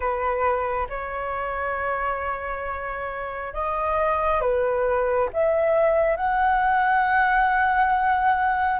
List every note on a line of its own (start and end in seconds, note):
0.00 0.87 B4
0.89 3.53 C#5
3.53 4.40 D#5
4.40 5.29 B4
5.33 6.16 E5
6.16 8.80 F#5